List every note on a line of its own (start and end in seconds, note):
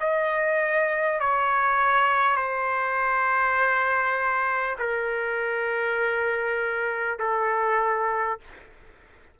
0.00 1.20 D#5
1.20 2.36 C#5
2.36 4.76 C5
4.79 7.19 A#4
7.19 8.39 A4